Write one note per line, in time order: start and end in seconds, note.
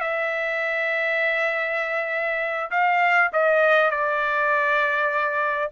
0.00 2.70 E5
2.71 3.31 F5
3.32 3.91 D#5
3.91 5.71 D5